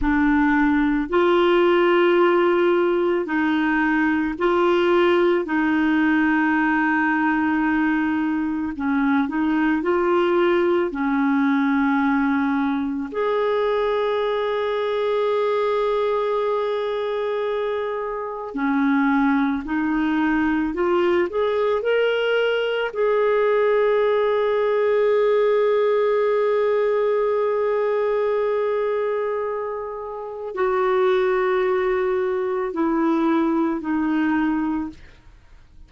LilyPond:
\new Staff \with { instrumentName = "clarinet" } { \time 4/4 \tempo 4 = 55 d'4 f'2 dis'4 | f'4 dis'2. | cis'8 dis'8 f'4 cis'2 | gis'1~ |
gis'4 cis'4 dis'4 f'8 gis'8 | ais'4 gis'2.~ | gis'1 | fis'2 e'4 dis'4 | }